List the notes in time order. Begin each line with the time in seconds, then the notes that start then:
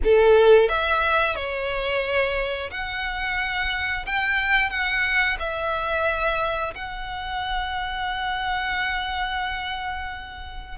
0.03 A4
0.69 E5
1.35 C#5
2.70 F#5
4.06 G5
4.69 F#5
5.39 E5
6.74 F#5